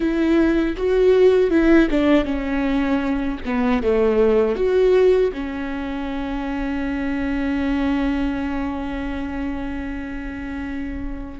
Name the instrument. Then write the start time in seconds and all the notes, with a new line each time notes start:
viola
0.00 E4
0.76 F#4
1.50 E4
1.90 D4
2.24 C#4
3.45 B3
3.82 A3
4.55 F#4
5.32 C#4